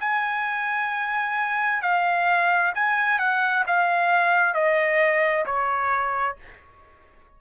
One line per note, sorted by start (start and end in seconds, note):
0.00 1.82 G#5
1.82 2.73 F5
2.74 3.19 G#5
3.19 3.64 F#5
3.67 4.54 F5
4.54 5.45 D#5
5.45 6.36 C#5